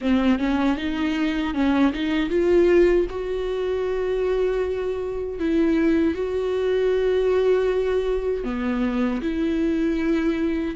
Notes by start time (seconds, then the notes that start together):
0.01 C4
0.38 C#4
0.77 D#4
1.54 C#4
1.92 D#4
2.29 F4
3.09 F#4
5.39 E4
6.14 F#4
8.44 B3
9.21 E4